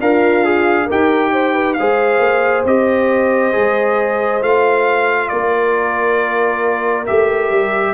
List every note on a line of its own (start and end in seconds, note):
0.00 0.88 D4
0.00 0.85 F4
0.00 0.44 A#4
0.00 0.89 F5
0.44 0.88 G#4
0.85 1.79 D#4
0.85 1.77 G4
0.85 1.30 A#4
0.85 1.74 G5
1.33 1.54 C5
1.54 1.76 B4
1.74 2.19 G#3
1.74 2.66 G#4
1.74 5.32 C5
1.74 2.62 F5
2.19 2.63 A#3
2.65 3.53 C4
2.65 3.53 G4
2.65 4.43 D#5
3.53 4.42 G#3
3.53 4.41 G#4
4.41 5.31 A3
4.41 7.06 F4
4.41 5.28 F5
5.28 7.08 A#3
5.28 7.94 A#4
5.28 7.05 D5
7.06 7.51 A3
7.06 7.94 G4
7.06 7.94 E5
7.51 7.94 G3